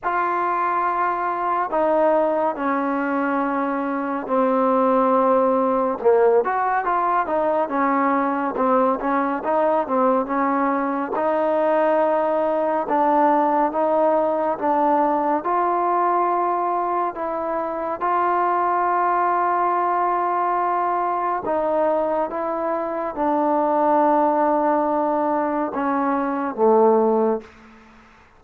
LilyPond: \new Staff \with { instrumentName = "trombone" } { \time 4/4 \tempo 4 = 70 f'2 dis'4 cis'4~ | cis'4 c'2 ais8 fis'8 | f'8 dis'8 cis'4 c'8 cis'8 dis'8 c'8 | cis'4 dis'2 d'4 |
dis'4 d'4 f'2 | e'4 f'2.~ | f'4 dis'4 e'4 d'4~ | d'2 cis'4 a4 | }